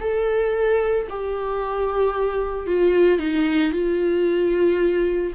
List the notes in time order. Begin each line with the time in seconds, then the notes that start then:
0.00 A4
1.10 G4
2.67 F4
3.19 D#4
3.72 F4